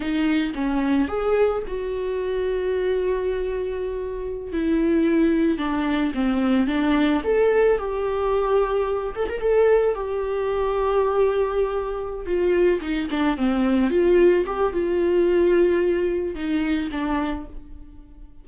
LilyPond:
\new Staff \with { instrumentName = "viola" } { \time 4/4 \tempo 4 = 110 dis'4 cis'4 gis'4 fis'4~ | fis'1~ | fis'16 e'2 d'4 c'8.~ | c'16 d'4 a'4 g'4.~ g'16~ |
g'8. a'16 ais'16 a'4 g'4.~ g'16~ | g'2~ g'8 f'4 dis'8 | d'8 c'4 f'4 g'8 f'4~ | f'2 dis'4 d'4 | }